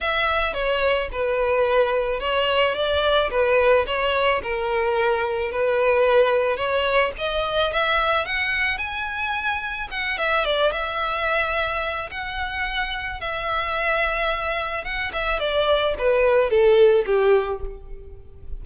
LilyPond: \new Staff \with { instrumentName = "violin" } { \time 4/4 \tempo 4 = 109 e''4 cis''4 b'2 | cis''4 d''4 b'4 cis''4 | ais'2 b'2 | cis''4 dis''4 e''4 fis''4 |
gis''2 fis''8 e''8 d''8 e''8~ | e''2 fis''2 | e''2. fis''8 e''8 | d''4 b'4 a'4 g'4 | }